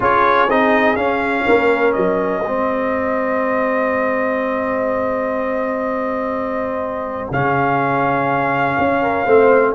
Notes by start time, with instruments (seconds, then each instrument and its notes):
0.00 tuba C#4, trombone F4, horn G#4, trumpet C#5
0.48 tuba C4, trombone D#4, trumpet D#5
0.96 tuba C#4, trombone C#4, trumpet F5
1.46 tuba A#3, horn A#4
1.93 tuba F#3, trumpet D#5
2.44 tuba G#3, trombone C4, horn G#4
7.30 tuba C#3, trombone C#4, trumpet F5
8.78 tuba C#4
9.01 horn A#4
9.25 tuba A3, trombone C4, horn C5